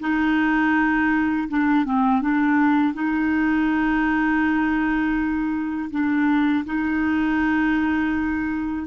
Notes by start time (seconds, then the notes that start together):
0.00 D#4
1.48 D4
1.85 C4
2.21 D4
2.94 D#4
5.91 D4
6.65 D#4